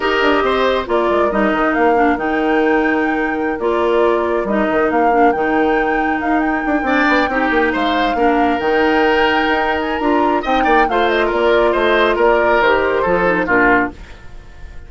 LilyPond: <<
  \new Staff \with { instrumentName = "flute" } { \time 4/4 \tempo 4 = 138 dis''2 d''4 dis''4 | f''4 g''2.~ | g''16 d''2 dis''4 f''8.~ | f''16 g''2 f''8 g''4~ g''16~ |
g''4.~ g''16 f''2 g''16~ | g''2~ g''8 gis''8 ais''4 | g''4 f''8 dis''8 d''4 dis''4 | d''4 c''2 ais'4 | }
  \new Staff \with { instrumentName = "oboe" } { \time 4/4 ais'4 c''4 ais'2~ | ais'1~ | ais'1~ | ais'2.~ ais'8. d''16~ |
d''8. g'4 c''4 ais'4~ ais'16~ | ais'1 | dis''8 d''8 c''4 ais'4 c''4 | ais'2 a'4 f'4 | }
  \new Staff \with { instrumentName = "clarinet" } { \time 4/4 g'2 f'4 dis'4~ | dis'8 d'8 dis'2.~ | dis'16 f'2 dis'4. d'16~ | d'16 dis'2.~ dis'8 d'16~ |
d'8. dis'2 d'4 dis'16~ | dis'2. f'4 | dis'4 f'2.~ | f'4 g'4 f'8 dis'8 d'4 | }
  \new Staff \with { instrumentName = "bassoon" } { \time 4/4 dis'8 d'8 c'4 ais8 gis8 g8 dis8 | ais4 dis2.~ | dis16 ais2 g8 dis8 ais8.~ | ais16 dis2 dis'4 d'8 c'16~ |
c'16 b8 c'8 ais8 gis4 ais4 dis16~ | dis4.~ dis16 dis'4~ dis'16 d'4 | c'8 ais8 a4 ais4 a4 | ais4 dis4 f4 ais,4 | }
>>